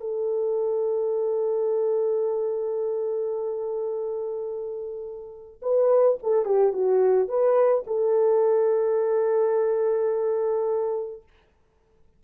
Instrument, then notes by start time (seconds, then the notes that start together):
horn
0.00 A4
5.62 B4
6.22 A4
6.45 G4
6.72 F#4
7.28 B4
7.87 A4